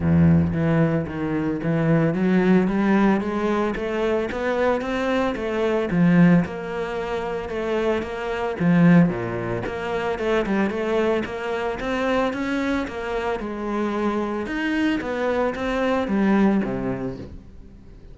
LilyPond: \new Staff \with { instrumentName = "cello" } { \time 4/4 \tempo 4 = 112 e,4 e4 dis4 e4 | fis4 g4 gis4 a4 | b4 c'4 a4 f4 | ais2 a4 ais4 |
f4 ais,4 ais4 a8 g8 | a4 ais4 c'4 cis'4 | ais4 gis2 dis'4 | b4 c'4 g4 c4 | }